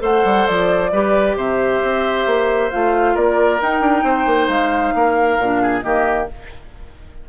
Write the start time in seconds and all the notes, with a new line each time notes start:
0.00 A3 A4 C5 F#5
0.25 G3
0.47 F3 D5
0.92 G3 G4 B4
1.36 C3 C5 E5
1.83 C4
2.26 A#3
2.72 A3 F4 F5
3.15 A#3 A#4 D5
3.61 D#4 G5
3.81 D4
4.04 C4 C5
4.26 A#3
4.48 G#3 F5
4.95 A#3 A#4
5.39 A#2 D4
5.62 G#4
5.82 D#3 A#3 G4 D#5